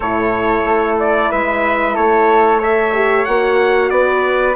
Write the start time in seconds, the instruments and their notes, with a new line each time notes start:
0.00 bassoon A2, horn E4, flute A4, trumpet C#5
0.65 bassoon A3
0.99 trumpet D5
1.29 bassoon G#3, flute B4, trumpet E5
1.94 bassoon A3, flute A4, trumpet C#5
2.58 horn A4, flute C#5, trumpet E5
2.94 horn G4
3.25 bassoon A#3, horn F#4, trumpet F#5
3.90 bassoon B3, flute B4, trumpet D5